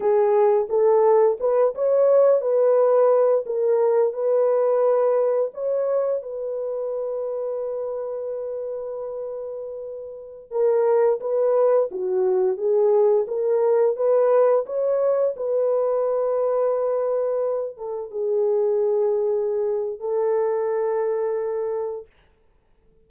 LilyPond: \new Staff \with { instrumentName = "horn" } { \time 4/4 \tempo 4 = 87 gis'4 a'4 b'8 cis''4 b'8~ | b'4 ais'4 b'2 | cis''4 b'2.~ | b'2.~ b'16 ais'8.~ |
ais'16 b'4 fis'4 gis'4 ais'8.~ | ais'16 b'4 cis''4 b'4.~ b'16~ | b'4.~ b'16 a'8 gis'4.~ gis'16~ | gis'4 a'2. | }